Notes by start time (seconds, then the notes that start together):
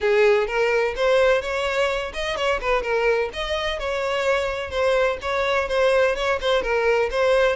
0.01 G#4
0.47 A#4
0.96 C5
1.41 C#5
2.13 D#5
2.36 C#5
2.60 B4
2.82 A#4
3.33 D#5
3.79 C#5
4.70 C5
5.21 C#5
5.68 C5
6.15 C#5
6.40 C5
6.62 A#4
7.10 C5